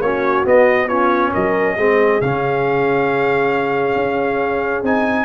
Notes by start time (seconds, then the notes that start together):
0.00 A#3 C#4 F#4 C#5
0.45 B3 D#5
0.87 C#4 F4 C#5
1.32 F#3 A#4 D#5
1.76 G#3 C4 G#4
2.21 C#3 C#4 F5
3.95 C#4
4.82 C4 D#4 G#5